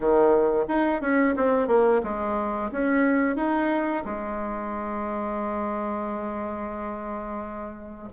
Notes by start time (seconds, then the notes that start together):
0.00 D#3
0.67 D#4
1.01 C#4
1.36 C4
1.67 A#3
2.03 G#3
2.71 C#4
3.36 D#4
4.04 G#3